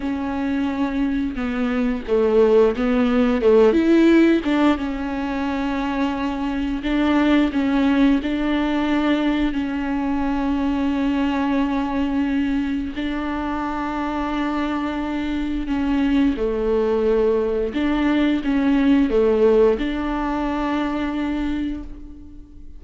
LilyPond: \new Staff \with { instrumentName = "viola" } { \time 4/4 \tempo 4 = 88 cis'2 b4 a4 | b4 a8 e'4 d'8 cis'4~ | cis'2 d'4 cis'4 | d'2 cis'2~ |
cis'2. d'4~ | d'2. cis'4 | a2 d'4 cis'4 | a4 d'2. | }